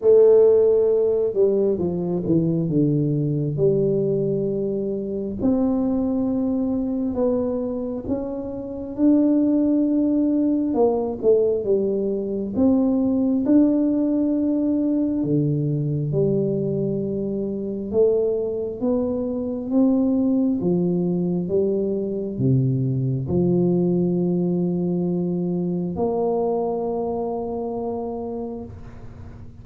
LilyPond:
\new Staff \with { instrumentName = "tuba" } { \time 4/4 \tempo 4 = 67 a4. g8 f8 e8 d4 | g2 c'2 | b4 cis'4 d'2 | ais8 a8 g4 c'4 d'4~ |
d'4 d4 g2 | a4 b4 c'4 f4 | g4 c4 f2~ | f4 ais2. | }